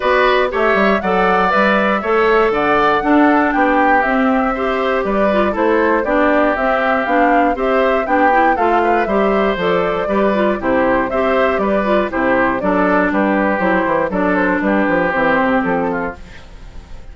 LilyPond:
<<
  \new Staff \with { instrumentName = "flute" } { \time 4/4 \tempo 4 = 119 d''4 e''4 fis''4 e''4~ | e''4 fis''2 g''4 | e''2 d''4 c''4 | d''4 e''4 f''4 e''4 |
g''4 f''4 e''4 d''4~ | d''4 c''4 e''4 d''4 | c''4 d''4 b'4 c''4 | d''8 c''8 b'4 c''4 a'4 | }
  \new Staff \with { instrumentName = "oboe" } { \time 4/4 b'4 cis''4 d''2 | cis''4 d''4 a'4 g'4~ | g'4 c''4 b'4 a'4 | g'2. c''4 |
g'4 a'8 b'8 c''2 | b'4 g'4 c''4 b'4 | g'4 a'4 g'2 | a'4 g'2~ g'8 f'8 | }
  \new Staff \with { instrumentName = "clarinet" } { \time 4/4 fis'4 g'4 a'4 b'4 | a'2 d'2 | c'4 g'4. f'8 e'4 | d'4 c'4 d'4 g'4 |
d'8 e'8 f'4 g'4 a'4 | g'8 f'8 e'4 g'4. f'8 | e'4 d'2 e'4 | d'2 c'2 | }
  \new Staff \with { instrumentName = "bassoon" } { \time 4/4 b4 a8 g8 fis4 g4 | a4 d4 d'4 b4 | c'2 g4 a4 | b4 c'4 b4 c'4 |
b4 a4 g4 f4 | g4 c4 c'4 g4 | c4 fis4 g4 fis8 e8 | fis4 g8 f8 e8 c8 f4 | }
>>